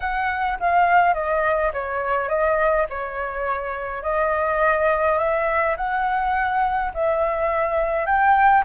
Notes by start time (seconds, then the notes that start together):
0.00 F#5
0.59 F5
1.14 D#5
1.73 C#5
2.28 D#5
2.89 C#5
4.03 D#5
5.18 E5
5.76 F#5
6.94 E5
8.05 G5